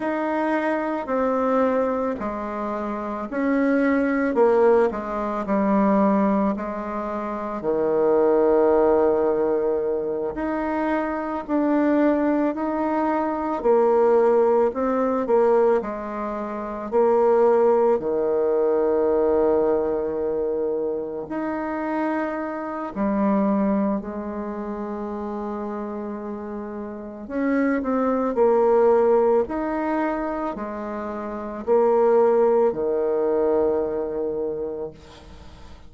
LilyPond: \new Staff \with { instrumentName = "bassoon" } { \time 4/4 \tempo 4 = 55 dis'4 c'4 gis4 cis'4 | ais8 gis8 g4 gis4 dis4~ | dis4. dis'4 d'4 dis'8~ | dis'8 ais4 c'8 ais8 gis4 ais8~ |
ais8 dis2. dis'8~ | dis'4 g4 gis2~ | gis4 cis'8 c'8 ais4 dis'4 | gis4 ais4 dis2 | }